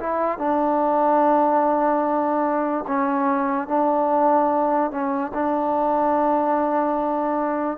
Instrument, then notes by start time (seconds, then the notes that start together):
trombone
0.00 E4
0.38 D4
2.88 C#4
3.68 D4
4.91 C#4
5.34 D4